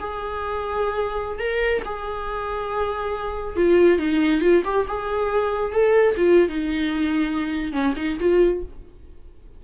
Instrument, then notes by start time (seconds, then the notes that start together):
viola
0.00 G#4
1.39 A#4
1.85 G#4
3.56 F4
3.99 D#4
4.41 F4
4.65 G4
4.88 G#4
5.72 A4
6.17 F4
6.49 D#4
7.72 C#4
7.96 D#4
8.20 F4